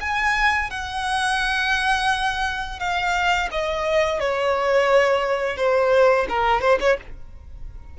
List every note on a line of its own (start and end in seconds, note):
0.00 0.70 G#5
0.70 2.79 F#5
2.79 3.49 F5
3.51 4.20 D#5
4.20 5.57 C#5
5.57 6.26 C5
6.29 6.61 A#4
6.61 6.78 C5
6.80 6.97 C#5